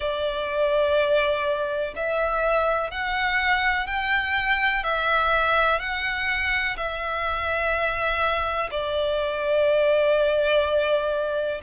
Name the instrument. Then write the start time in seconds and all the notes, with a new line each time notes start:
violin
0.00 D5
1.96 E5
2.90 F#5
3.87 G5
4.83 E5
5.79 F#5
6.76 E5
8.71 D5